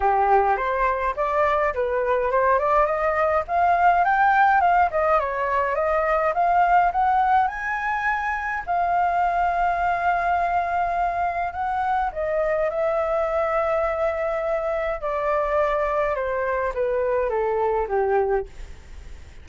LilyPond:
\new Staff \with { instrumentName = "flute" } { \time 4/4 \tempo 4 = 104 g'4 c''4 d''4 b'4 | c''8 d''8 dis''4 f''4 g''4 | f''8 dis''8 cis''4 dis''4 f''4 | fis''4 gis''2 f''4~ |
f''1 | fis''4 dis''4 e''2~ | e''2 d''2 | c''4 b'4 a'4 g'4 | }